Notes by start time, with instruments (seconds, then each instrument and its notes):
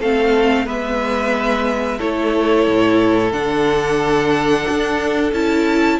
0.00 cello A3, viola C4, violin A4 F5
0.66 cello G#3, viola B3, violin B4 E5
1.99 cello A3, viola E4, violin A4 C#5
2.68 cello A2
3.32 cello D3, viola D4, violin F#5
4.69 cello D4
5.32 cello C#4, viola E4, violin A5